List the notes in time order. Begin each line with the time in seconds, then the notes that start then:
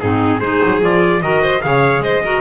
0.00 G#2 C4 D#4 G#4
0.40 G#3 D#4 G#4 C5
0.65 F#3
0.81 F3 F4 D5
1.22 D#3 F#4 A#4 D#5
1.42 C5
1.61 C#3 G#4 C#5 F5
1.99 G#3 C5 D#5
2.24 F#4 A#4